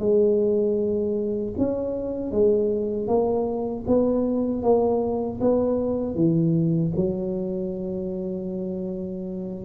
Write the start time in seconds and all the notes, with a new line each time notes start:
0.00 G#3
1.58 C#4
2.32 G#3
3.08 A#3
3.88 B3
4.63 A#3
5.41 B3
6.15 E3
6.97 F#3